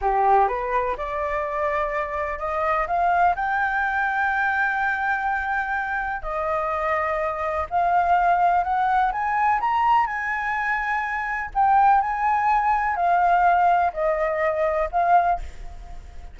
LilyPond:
\new Staff \with { instrumentName = "flute" } { \time 4/4 \tempo 4 = 125 g'4 b'4 d''2~ | d''4 dis''4 f''4 g''4~ | g''1~ | g''4 dis''2. |
f''2 fis''4 gis''4 | ais''4 gis''2. | g''4 gis''2 f''4~ | f''4 dis''2 f''4 | }